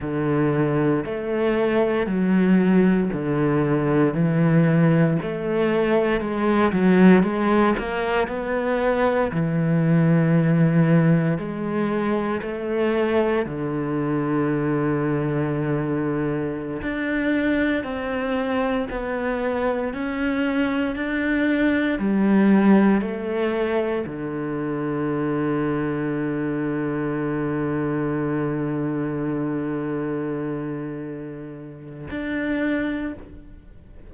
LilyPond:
\new Staff \with { instrumentName = "cello" } { \time 4/4 \tempo 4 = 58 d4 a4 fis4 d4 | e4 a4 gis8 fis8 gis8 ais8 | b4 e2 gis4 | a4 d2.~ |
d16 d'4 c'4 b4 cis'8.~ | cis'16 d'4 g4 a4 d8.~ | d1~ | d2. d'4 | }